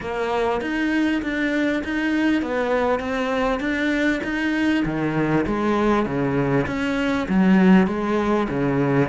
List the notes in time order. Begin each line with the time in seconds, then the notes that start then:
0.00 A#3
0.61 D#4
1.22 D4
1.83 D#4
2.42 B3
2.99 C4
3.60 D4
4.23 D#4
4.85 D#3
5.46 G#3
6.05 C#3
6.66 C#4
7.28 F#3
7.87 G#3
8.49 C#3